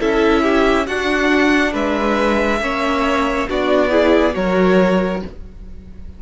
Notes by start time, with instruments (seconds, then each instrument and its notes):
0.00 cello C#4, viola E4, violin A4 E5
0.43 violin G4
0.87 cello D4, viola D4, violin F#4 F#5
1.73 cello G#3, violin B4 E5
2.61 cello A#3, viola C#4, violin C#5
3.49 cello B3, viola D4, violin F#4 D5
3.90 viola E4, violin G#4
4.33 cello F#3, viola F#4, violin A#4 C#5